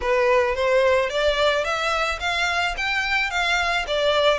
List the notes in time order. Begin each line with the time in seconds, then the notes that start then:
0.01 B4
0.55 C5
1.09 D5
1.64 E5
2.20 F5
2.77 G5
3.30 F5
3.87 D5